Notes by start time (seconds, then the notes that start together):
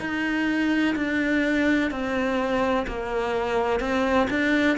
0.00 D#4
0.96 D4
1.91 C4
2.87 A#3
3.81 C4
4.30 D4